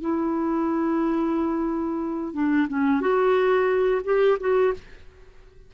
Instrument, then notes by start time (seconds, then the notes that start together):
clarinet
0.00 E4
2.34 D4
2.68 C#4
3.00 F#4
4.04 G4
4.39 F#4